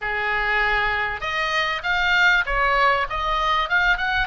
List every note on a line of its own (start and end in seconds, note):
0.01 1.20 G#4
1.20 1.81 D#5
1.83 2.44 F5
2.45 3.07 C#5
3.09 3.69 D#5
3.69 3.97 F5
3.97 4.27 F#5